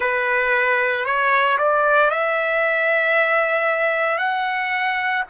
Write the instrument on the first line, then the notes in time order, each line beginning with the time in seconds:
trumpet
0.00 B4
1.05 C#5
1.58 D5
2.10 E5
4.18 F#5